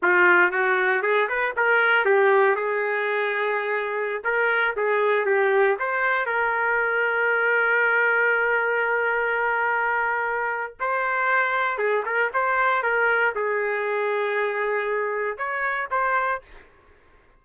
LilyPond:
\new Staff \with { instrumentName = "trumpet" } { \time 4/4 \tempo 4 = 117 f'4 fis'4 gis'8 b'8 ais'4 | g'4 gis'2.~ | gis'16 ais'4 gis'4 g'4 c''8.~ | c''16 ais'2.~ ais'8.~ |
ais'1~ | ais'4 c''2 gis'8 ais'8 | c''4 ais'4 gis'2~ | gis'2 cis''4 c''4 | }